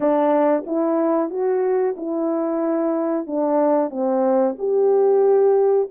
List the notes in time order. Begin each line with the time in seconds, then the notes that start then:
0.00 D4
0.66 E4
1.30 F#4
1.96 E4
3.26 D4
3.90 C4
4.58 G4